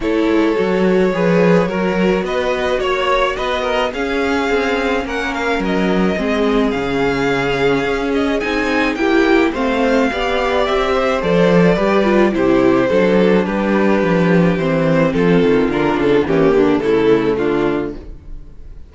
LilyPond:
<<
  \new Staff \with { instrumentName = "violin" } { \time 4/4 \tempo 4 = 107 cis''1 | dis''4 cis''4 dis''4 f''4~ | f''4 fis''8 f''8 dis''2 | f''2~ f''8 dis''8 gis''4 |
g''4 f''2 e''4 | d''2 c''2 | b'2 c''4 a'4 | ais'8 a'8 g'4 a'4 f'4 | }
  \new Staff \with { instrumentName = "violin" } { \time 4/4 a'2 b'4 ais'4 | b'4 cis''4 b'8 ais'8 gis'4~ | gis'4 ais'2 gis'4~ | gis'1 |
g'4 c''4 d''4. c''8~ | c''4 b'4 g'4 a'4 | g'2. f'4~ | f'4 cis'8 d'8 e'4 d'4 | }
  \new Staff \with { instrumentName = "viola" } { \time 4/4 e'4 fis'4 gis'4 fis'4~ | fis'2. cis'4~ | cis'2. c'4 | cis'2. dis'4 |
e'4 c'4 g'2 | a'4 g'8 f'8 e'4 d'4~ | d'2 c'2 | d'4 ais4 a2 | }
  \new Staff \with { instrumentName = "cello" } { \time 4/4 a8 gis8 fis4 f4 fis4 | b4 ais4 b4 cis'4 | c'4 ais4 fis4 gis4 | cis2 cis'4 c'4 |
ais4 a4 b4 c'4 | f4 g4 c4 fis4 | g4 f4 e4 f8 dis8 | d8 cis8 e8 d8 cis4 d4 | }
>>